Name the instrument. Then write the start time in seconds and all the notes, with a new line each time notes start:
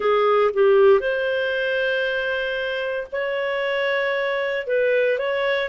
clarinet
0.00 G#4
0.53 G4
1.00 C5
3.12 C#5
4.66 B4
5.18 C#5